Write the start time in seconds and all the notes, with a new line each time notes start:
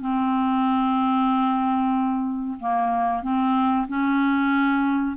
0.00 C4
2.59 A#3
3.22 C4
3.87 C#4